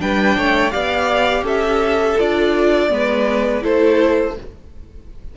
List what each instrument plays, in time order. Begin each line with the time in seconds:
0.00 cello G3, viola D4, violin B4 G5
0.37 cello A3, violin C#5
0.72 cello B3, viola G4, violin D5 F5
1.43 cello C#4, violin A4 E5
2.19 cello D4, viola F4, violin D5
2.90 cello G#3, viola B3, violin B4
3.62 cello A3, viola E4, violin A4 C5